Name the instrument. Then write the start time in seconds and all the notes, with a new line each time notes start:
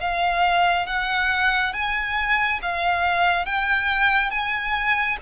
violin
0.00 F5
0.86 F#5
1.73 G#5
2.62 F5
3.45 G5
4.30 G#5